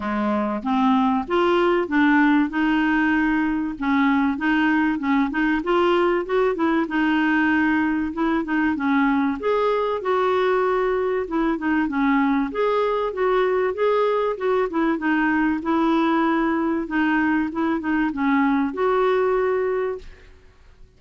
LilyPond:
\new Staff \with { instrumentName = "clarinet" } { \time 4/4 \tempo 4 = 96 gis4 c'4 f'4 d'4 | dis'2 cis'4 dis'4 | cis'8 dis'8 f'4 fis'8 e'8 dis'4~ | dis'4 e'8 dis'8 cis'4 gis'4 |
fis'2 e'8 dis'8 cis'4 | gis'4 fis'4 gis'4 fis'8 e'8 | dis'4 e'2 dis'4 | e'8 dis'8 cis'4 fis'2 | }